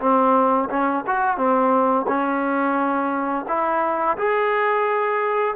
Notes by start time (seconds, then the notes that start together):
0.00 C4
0.70 C#4
1.07 F#4
1.38 C4
2.08 C#4
3.49 E4
4.18 G#4